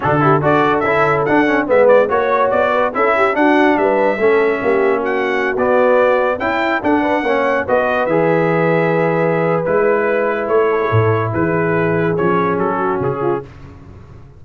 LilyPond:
<<
  \new Staff \with { instrumentName = "trumpet" } { \time 4/4 \tempo 4 = 143 a'4 d''4 e''4 fis''4 | e''8 d''8 cis''4 d''4 e''4 | fis''4 e''2. | fis''4~ fis''16 d''2 g''8.~ |
g''16 fis''2 dis''4 e''8.~ | e''2. b'4~ | b'4 cis''2 b'4~ | b'4 cis''4 a'4 gis'4 | }
  \new Staff \with { instrumentName = "horn" } { \time 4/4 fis'8 g'8 a'2. | b'4 cis''4. b'8 a'8 g'8 | fis'4 b'4 a'4 g'4 | fis'2.~ fis'16 e'8.~ |
e'16 a'8 b'8 cis''4 b'4.~ b'16~ | b'1~ | b'4. a'16 gis'16 a'4 gis'4~ | gis'2~ gis'8 fis'4 f'8 | }
  \new Staff \with { instrumentName = "trombone" } { \time 4/4 d'8 e'8 fis'4 e'4 d'8 cis'8 | b4 fis'2 e'4 | d'2 cis'2~ | cis'4~ cis'16 b2 e'8.~ |
e'16 d'4 cis'4 fis'4 gis'8.~ | gis'2. e'4~ | e'1~ | e'4 cis'2. | }
  \new Staff \with { instrumentName = "tuba" } { \time 4/4 d4 d'4 cis'4 d'4 | gis4 ais4 b4 cis'4 | d'4 g4 a4 ais4~ | ais4~ ais16 b2 cis'8.~ |
cis'16 d'4 ais4 b4 e8.~ | e2. gis4~ | gis4 a4 a,4 e4~ | e4 f4 fis4 cis4 | }
>>